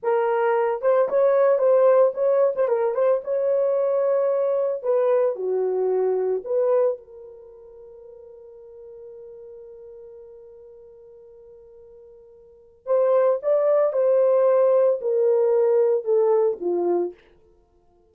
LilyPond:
\new Staff \with { instrumentName = "horn" } { \time 4/4 \tempo 4 = 112 ais'4. c''8 cis''4 c''4 | cis''8. c''16 ais'8 c''8 cis''2~ | cis''4 b'4 fis'2 | b'4 ais'2.~ |
ais'1~ | ais'1 | c''4 d''4 c''2 | ais'2 a'4 f'4 | }